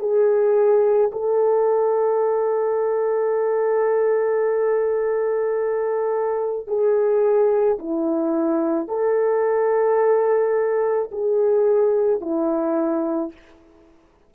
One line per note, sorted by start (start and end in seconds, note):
0.00 1.11 G#4
1.13 6.68 A4
6.68 7.79 G#4
7.79 8.88 E4
8.88 11.11 A4
11.12 12.21 G#4
12.21 13.32 E4